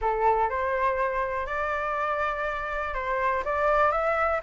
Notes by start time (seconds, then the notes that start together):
0.01 A4
0.49 C5
1.46 D5
2.94 C5
3.44 D5
3.91 E5